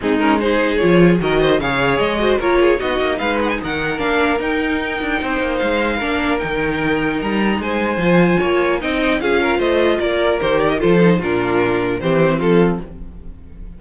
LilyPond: <<
  \new Staff \with { instrumentName = "violin" } { \time 4/4 \tempo 4 = 150 gis'8 ais'8 c''4 cis''4 dis''4 | f''4 dis''4 cis''4 dis''4 | f''8 fis''16 gis''16 fis''4 f''4 g''4~ | g''2 f''2 |
g''2 ais''4 gis''4~ | gis''2 g''4 f''4 | dis''4 d''4 c''8 d''16 dis''16 c''4 | ais'2 c''4 a'4 | }
  \new Staff \with { instrumentName = "violin" } { \time 4/4 dis'4 gis'2 ais'8 c''8 | cis''4. c''8 ais'8 gis'8 fis'4 | b'4 ais'2.~ | ais'4 c''2 ais'4~ |
ais'2. c''4~ | c''4 cis''4 dis''4 gis'8 ais'8 | c''4 ais'2 a'4 | f'2 g'4 f'4 | }
  \new Staff \with { instrumentName = "viola" } { \time 4/4 c'8 cis'8 dis'4 f'4 fis'4 | gis'4. fis'8 f'4 dis'4~ | dis'2 d'4 dis'4~ | dis'2. d'4 |
dis'1 | f'2 dis'4 f'4~ | f'2 g'4 f'8 dis'8 | d'2 c'2 | }
  \new Staff \with { instrumentName = "cello" } { \time 4/4 gis2 f4 dis4 | cis4 gis4 ais4 b8 ais8 | gis4 dis4 ais4 dis'4~ | dis'8 d'8 c'8 ais8 gis4 ais4 |
dis2 g4 gis4 | f4 ais4 c'4 cis'4 | a4 ais4 dis4 f4 | ais,2 e4 f4 | }
>>